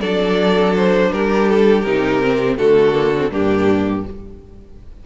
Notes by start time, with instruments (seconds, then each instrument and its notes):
0.00 cello F#3, viola D4, violin A4 D5
0.76 violin C5
1.12 cello G3, violin G4 A#4
1.49 violin A4
1.82 cello C3, viola D#4, violin A#4
2.23 viola C4
2.57 cello D3, viola A3, violin F#4 A4
2.93 viola A#3
3.16 viola C4
3.31 cello G2, viola A#3, violin D4 G4